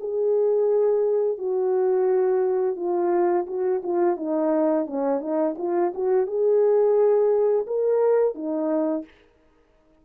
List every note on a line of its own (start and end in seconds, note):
0.00 1.38 G#4
1.38 2.76 F#4
2.76 3.46 F4
3.47 3.82 F#4
3.83 4.17 F4
4.17 4.86 D#4
4.86 5.20 C#4
5.20 5.55 D#4
5.58 5.93 F4
5.95 6.27 F#4
6.27 7.66 G#4
7.67 8.35 A#4
8.35 9.05 D#4